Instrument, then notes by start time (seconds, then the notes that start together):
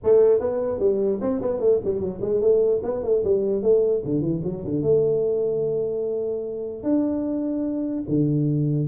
tuba
0.03 A3
0.40 B3
0.79 G3
1.21 C4
1.41 B3
1.60 A3
1.84 G3
2.00 F#3
2.21 G#3
2.41 A3
2.83 B3
3.03 A3
3.23 G3
3.62 A3
4.04 D3
4.21 E3
4.43 F#3
4.64 D3
4.82 A3
6.83 D4
8.08 D3